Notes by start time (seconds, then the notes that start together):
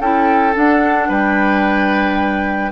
0.00 C#4 E4 A4 G5
0.54 D4 F#5
1.08 G3 B4 G5